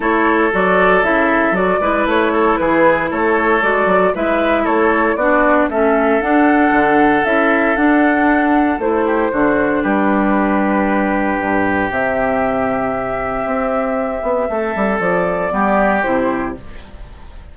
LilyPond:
<<
  \new Staff \with { instrumentName = "flute" } { \time 4/4 \tempo 4 = 116 cis''4 d''4 e''4 d''4 | cis''4 b'4 cis''4 d''4 | e''4 cis''4 d''4 e''4 | fis''2 e''4 fis''4~ |
fis''4 c''2 b'4~ | b'2. e''4~ | e''1~ | e''4 d''2 c''4 | }
  \new Staff \with { instrumentName = "oboe" } { \time 4/4 a'2.~ a'8 b'8~ | b'8 a'8 gis'4 a'2 | b'4 a'4 fis'4 a'4~ | a'1~ |
a'4. g'8 fis'4 g'4~ | g'1~ | g'1 | a'2 g'2 | }
  \new Staff \with { instrumentName = "clarinet" } { \time 4/4 e'4 fis'4 e'4 fis'8 e'8~ | e'2. fis'4 | e'2 d'4 cis'4 | d'2 e'4 d'4~ |
d'4 e'4 d'2~ | d'2. c'4~ | c'1~ | c'2 b4 e'4 | }
  \new Staff \with { instrumentName = "bassoon" } { \time 4/4 a4 fis4 cis4 fis8 gis8 | a4 e4 a4 gis8 fis8 | gis4 a4 b4 a4 | d'4 d4 cis'4 d'4~ |
d'4 a4 d4 g4~ | g2 g,4 c4~ | c2 c'4. b8 | a8 g8 f4 g4 c4 | }
>>